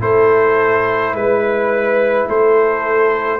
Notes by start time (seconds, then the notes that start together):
0.00 A3 E4 A4 C5
1.14 G#3 B4
2.28 A3 A4 C5